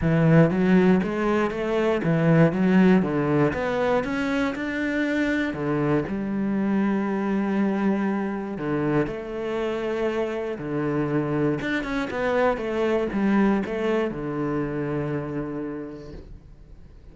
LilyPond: \new Staff \with { instrumentName = "cello" } { \time 4/4 \tempo 4 = 119 e4 fis4 gis4 a4 | e4 fis4 d4 b4 | cis'4 d'2 d4 | g1~ |
g4 d4 a2~ | a4 d2 d'8 cis'8 | b4 a4 g4 a4 | d1 | }